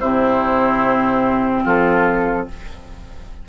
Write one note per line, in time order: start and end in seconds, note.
0.00 1.65 C3
0.00 2.49 C4
0.00 1.64 E4
0.00 1.64 C5
1.64 2.48 F3
1.64 2.46 F4
1.64 2.48 A4